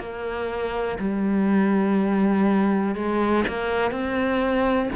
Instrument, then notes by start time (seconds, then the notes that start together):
cello
0.00 A#3
0.99 G3
2.96 G#3
3.48 A#3
3.92 C4